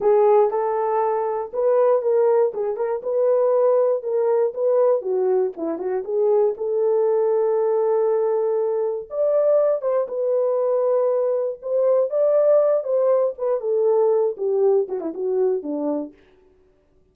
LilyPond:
\new Staff \with { instrumentName = "horn" } { \time 4/4 \tempo 4 = 119 gis'4 a'2 b'4 | ais'4 gis'8 ais'8 b'2 | ais'4 b'4 fis'4 e'8 fis'8 | gis'4 a'2.~ |
a'2 d''4. c''8 | b'2. c''4 | d''4. c''4 b'8 a'4~ | a'8 g'4 fis'16 e'16 fis'4 d'4 | }